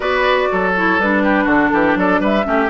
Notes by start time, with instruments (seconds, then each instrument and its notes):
0.00 bassoon B3, clarinet F#4, oboe B4, flute D5
0.51 bassoon F#3, oboe A4
0.76 clarinet E4, flute C#5
0.98 bassoon G3, clarinet D4, flute B4
1.23 oboe G4
1.44 bassoon D3, oboe F#4, flute A4
1.73 bassoon E3, oboe G4
1.95 bassoon F#3, oboe A4, flute D5
2.20 bassoon G3, oboe B4, flute E5
2.44 bassoon A3, clarinet C#4, oboe G4